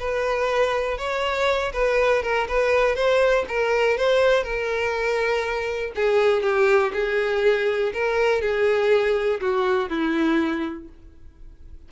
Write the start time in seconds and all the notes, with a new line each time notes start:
0.00 B4
0.98 C#5
1.73 B4
2.23 A#4
2.49 B4
2.96 C5
3.48 A#4
3.98 C5
4.44 A#4
5.96 G#4
6.43 G4
6.94 G#4
7.94 A#4
8.42 G#4
9.41 F#4
9.90 E4